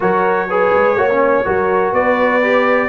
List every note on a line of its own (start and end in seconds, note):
0.00 0.73 F#3
0.00 0.48 F#4
0.00 0.49 A#4
0.00 1.93 C#5
0.49 0.97 G#4
0.49 0.97 B4
0.74 0.96 G#3
0.96 1.44 A#3
0.96 1.09 F#4
0.96 1.45 C#5
1.10 1.44 C#4
1.44 1.92 F#3
1.44 2.41 F#4
1.44 1.93 A#4
1.92 2.88 B3
1.92 2.88 B4
1.92 2.88 D5
2.42 2.88 G4